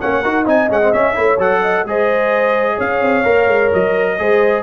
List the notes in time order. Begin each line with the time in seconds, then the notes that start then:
0.00 A#3 C#4 C#5 F#5
0.21 D#4 F#4 A#4
0.44 C4 D#4 D#5 G#5
0.69 G#3 C#4 F#5
0.81 C4
0.92 C#4 E5
1.14 A3 E4 C#5
1.38 F#3 A4 F#5
1.61 D#5
1.84 G#3 G#4 C5 D#5
2.75 C#4 C#5 F5
3.00 C4
3.23 A#3 A#4
3.47 G#3
3.73 F#3 D#5
4.18 G#3 G#4 C5